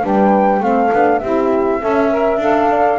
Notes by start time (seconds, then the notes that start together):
0.00 G3 D4 B4
0.06 G5
0.60 A3 C4 A4 F5
0.92 B3 D4
1.18 C4 E4 G4 E5
1.81 C#4 A4 E5
2.10 A#4
2.36 D4 A4 F5
2.70 D5